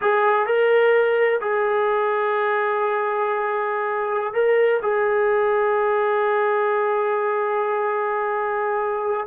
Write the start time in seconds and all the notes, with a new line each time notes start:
0.01 G#4
0.46 A#4
1.40 G#4
4.33 A#4
4.82 G#4